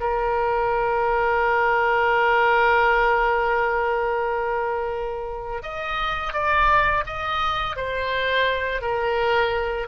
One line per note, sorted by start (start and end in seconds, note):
0.00 5.62 A#4
5.62 6.33 D#5
6.33 7.04 D5
7.06 7.76 D#5
7.76 8.81 C5
8.81 9.87 A#4